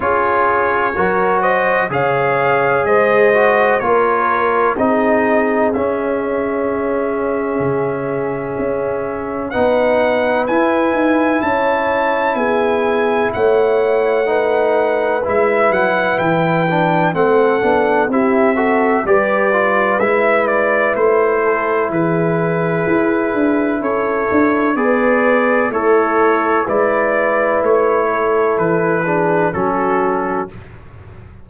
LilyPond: <<
  \new Staff \with { instrumentName = "trumpet" } { \time 4/4 \tempo 4 = 63 cis''4. dis''8 f''4 dis''4 | cis''4 dis''4 e''2~ | e''2 fis''4 gis''4 | a''4 gis''4 fis''2 |
e''8 fis''8 g''4 fis''4 e''4 | d''4 e''8 d''8 c''4 b'4~ | b'4 cis''4 d''4 cis''4 | d''4 cis''4 b'4 a'4 | }
  \new Staff \with { instrumentName = "horn" } { \time 4/4 gis'4 ais'8 c''8 cis''4 c''4 | ais'4 gis'2.~ | gis'2 b'2 | cis''4 gis'4 cis''4 b'4~ |
b'2 a'4 g'8 a'8 | b'2~ b'8 a'8 gis'4~ | gis'4 a'4 b'4 e'4 | b'4. a'4 gis'8 fis'4 | }
  \new Staff \with { instrumentName = "trombone" } { \time 4/4 f'4 fis'4 gis'4. fis'8 | f'4 dis'4 cis'2~ | cis'2 dis'4 e'4~ | e'2. dis'4 |
e'4. d'8 c'8 d'8 e'8 fis'8 | g'8 f'8 e'2.~ | e'2 gis'4 a'4 | e'2~ e'8 d'8 cis'4 | }
  \new Staff \with { instrumentName = "tuba" } { \time 4/4 cis'4 fis4 cis4 gis4 | ais4 c'4 cis'2 | cis4 cis'4 b4 e'8 dis'8 | cis'4 b4 a2 |
gis8 fis8 e4 a8 b8 c'4 | g4 gis4 a4 e4 | e'8 d'8 cis'8 d'8 b4 a4 | gis4 a4 e4 fis4 | }
>>